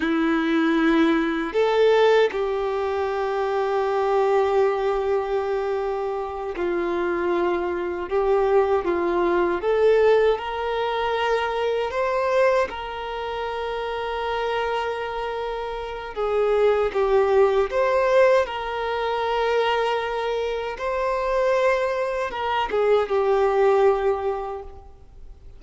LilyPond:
\new Staff \with { instrumentName = "violin" } { \time 4/4 \tempo 4 = 78 e'2 a'4 g'4~ | g'1~ | g'8 f'2 g'4 f'8~ | f'8 a'4 ais'2 c''8~ |
c''8 ais'2.~ ais'8~ | ais'4 gis'4 g'4 c''4 | ais'2. c''4~ | c''4 ais'8 gis'8 g'2 | }